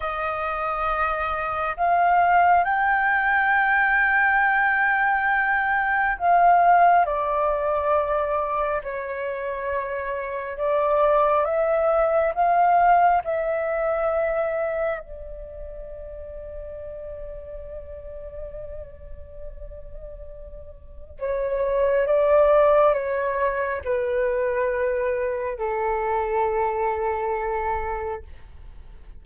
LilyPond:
\new Staff \with { instrumentName = "flute" } { \time 4/4 \tempo 4 = 68 dis''2 f''4 g''4~ | g''2. f''4 | d''2 cis''2 | d''4 e''4 f''4 e''4~ |
e''4 d''2.~ | d''1 | cis''4 d''4 cis''4 b'4~ | b'4 a'2. | }